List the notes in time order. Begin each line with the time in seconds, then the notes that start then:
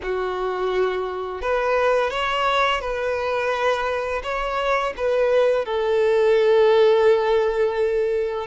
0.02 F#4
1.41 B4
2.10 C#5
2.80 B4
4.23 C#5
4.96 B4
5.65 A4